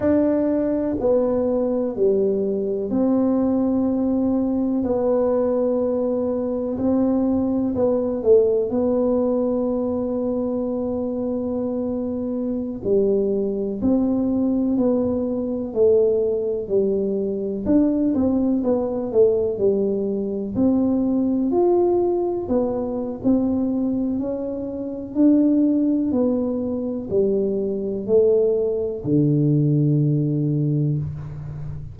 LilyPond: \new Staff \with { instrumentName = "tuba" } { \time 4/4 \tempo 4 = 62 d'4 b4 g4 c'4~ | c'4 b2 c'4 | b8 a8 b2.~ | b4~ b16 g4 c'4 b8.~ |
b16 a4 g4 d'8 c'8 b8 a16~ | a16 g4 c'4 f'4 b8. | c'4 cis'4 d'4 b4 | g4 a4 d2 | }